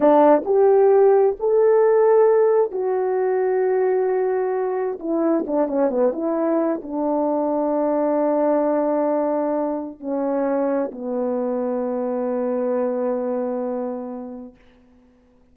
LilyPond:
\new Staff \with { instrumentName = "horn" } { \time 4/4 \tempo 4 = 132 d'4 g'2 a'4~ | a'2 fis'2~ | fis'2. e'4 | d'8 cis'8 b8 e'4. d'4~ |
d'1~ | d'2 cis'2 | b1~ | b1 | }